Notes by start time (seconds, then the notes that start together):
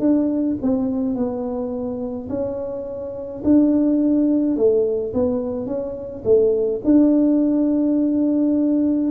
0.00 D4
0.62 C4
1.16 B3
2.30 C#4
3.45 D4
4.57 A3
5.14 B3
5.67 C#4
6.25 A3
6.85 D4